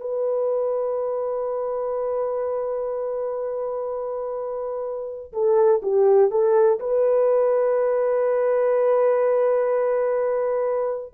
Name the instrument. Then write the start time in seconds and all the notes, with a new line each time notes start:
horn
0.00 B4
5.32 A4
5.82 G4
6.30 A4
6.79 B4